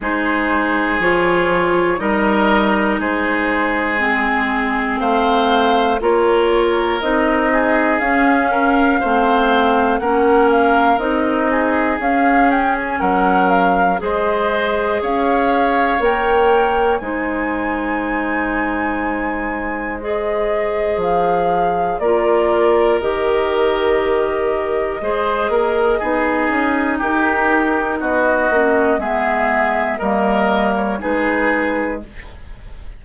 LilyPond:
<<
  \new Staff \with { instrumentName = "flute" } { \time 4/4 \tempo 4 = 60 c''4 cis''4 dis''4 c''4 | gis'4 f''4 cis''4 dis''4 | f''2 fis''8 f''8 dis''4 | f''8 g''16 gis''16 fis''8 f''8 dis''4 f''4 |
g''4 gis''2. | dis''4 f''4 d''4 dis''4~ | dis''2. ais'4 | dis''4 e''4 dis''8. cis''16 b'4 | }
  \new Staff \with { instrumentName = "oboe" } { \time 4/4 gis'2 ais'4 gis'4~ | gis'4 c''4 ais'4. gis'8~ | gis'8 ais'8 c''4 ais'4. gis'8~ | gis'4 ais'4 c''4 cis''4~ |
cis''4 c''2.~ | c''2 ais'2~ | ais'4 c''8 ais'8 gis'4 g'4 | fis'4 gis'4 ais'4 gis'4 | }
  \new Staff \with { instrumentName = "clarinet" } { \time 4/4 dis'4 f'4 dis'2 | c'2 f'4 dis'4 | cis'4 c'4 cis'4 dis'4 | cis'2 gis'2 |
ais'4 dis'2. | gis'2 f'4 g'4~ | g'4 gis'4 dis'2~ | dis'8 cis'8 b4 ais4 dis'4 | }
  \new Staff \with { instrumentName = "bassoon" } { \time 4/4 gis4 f4 g4 gis4~ | gis4 a4 ais4 c'4 | cis'4 a4 ais4 c'4 | cis'4 fis4 gis4 cis'4 |
ais4 gis2.~ | gis4 f4 ais4 dis4~ | dis4 gis8 ais8 b8 cis'8 dis'4 | b8 ais8 gis4 g4 gis4 | }
>>